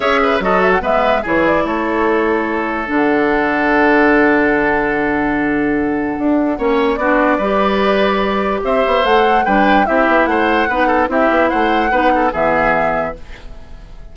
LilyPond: <<
  \new Staff \with { instrumentName = "flute" } { \time 4/4 \tempo 4 = 146 e''4 dis''8 e''16 fis''16 e''4 cis''8 d''8 | cis''2. fis''4~ | fis''1~ | fis''1~ |
fis''4 d''2.~ | d''4 e''4 fis''4 g''4 | e''4 fis''2 e''4 | fis''2 e''2 | }
  \new Staff \with { instrumentName = "oboe" } { \time 4/4 cis''8 b'8 a'4 b'4 gis'4 | a'1~ | a'1~ | a'1 |
cis''4 fis'4 b'2~ | b'4 c''2 b'4 | g'4 c''4 b'8 a'8 g'4 | c''4 b'8 a'8 gis'2 | }
  \new Staff \with { instrumentName = "clarinet" } { \time 4/4 gis'4 fis'4 b4 e'4~ | e'2. d'4~ | d'1~ | d'1 |
cis'4 d'4 g'2~ | g'2 a'4 d'4 | e'2 dis'4 e'4~ | e'4 dis'4 b2 | }
  \new Staff \with { instrumentName = "bassoon" } { \time 4/4 cis'4 fis4 gis4 e4 | a2. d4~ | d1~ | d2. d'4 |
ais4 b4 g2~ | g4 c'8 b8 a4 g4 | c'8 b8 a4 b4 c'8 b8 | a4 b4 e2 | }
>>